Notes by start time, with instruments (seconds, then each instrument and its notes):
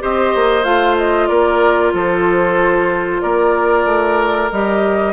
0.00 bassoon C4, clarinet G4, oboe C5, flute D#5
0.35 bassoon A#3
0.63 bassoon A3, clarinet F4, flute F5
0.97 flute D#5
1.28 bassoon A#3, oboe A#4, flute D5
1.93 bassoon F3, oboe A4, flute C5
3.21 bassoon A#3, oboe A#4, flute D5
3.85 bassoon A3
4.52 bassoon G3, clarinet G4, flute D#5